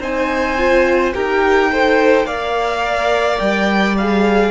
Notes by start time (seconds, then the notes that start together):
0.00 C4 D#4 C5 G#5
0.58 F4
1.14 D#4 G4 A#4 G5
1.72 A4 C5
2.25 A#3 A#4 D5 F5
3.39 G3 G5
3.97 G#4 F5